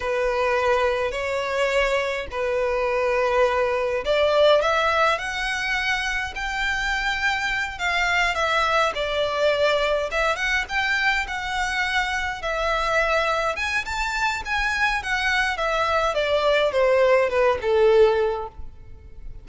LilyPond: \new Staff \with { instrumentName = "violin" } { \time 4/4 \tempo 4 = 104 b'2 cis''2 | b'2. d''4 | e''4 fis''2 g''4~ | g''4. f''4 e''4 d''8~ |
d''4. e''8 fis''8 g''4 fis''8~ | fis''4. e''2 gis''8 | a''4 gis''4 fis''4 e''4 | d''4 c''4 b'8 a'4. | }